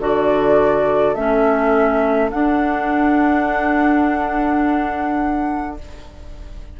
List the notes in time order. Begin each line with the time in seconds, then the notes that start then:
0.00 D3 F#4 A4 D5
1.15 A3 C#4 E5
2.31 D4 F#5